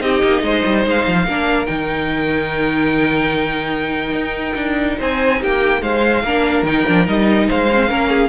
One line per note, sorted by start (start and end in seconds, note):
0.00 0.21 C4
0.00 1.24 D#4
0.00 0.43 G4
0.00 0.84 D#5
0.23 0.42 A#3
0.42 0.63 G#3
0.42 1.26 C5
0.65 0.86 G3
0.86 1.06 G#3
0.86 1.66 F5
1.07 1.25 F3
1.25 1.67 A#3
1.25 1.66 D4
1.25 4.98 A#4
1.66 4.12 D#3
1.66 6.21 D#4
1.66 4.97 G5
4.12 4.54 D#4
4.55 4.96 D4
4.98 5.42 C4
4.98 5.39 C5
4.98 5.42 G#5
5.40 5.81 A#3
5.40 5.81 G4
5.40 5.82 G5
5.81 6.23 G#3
5.81 6.23 C5
5.81 6.65 F5
6.23 6.62 A#3
6.23 6.66 D4
6.23 7.47 A#4
6.62 6.83 D#3
6.62 6.86 D#4
6.62 7.07 G5
6.86 7.07 F3
6.86 7.06 D4
7.06 7.48 G3
7.06 7.68 D#4
7.06 7.49 D#5
7.48 7.89 G#3
7.48 7.89 C5
7.48 8.29 F5
7.71 7.85 C4
7.71 7.75 C#4
7.88 8.29 A#3
7.88 8.29 C#4
7.88 8.09 A#4
8.09 8.29 G#4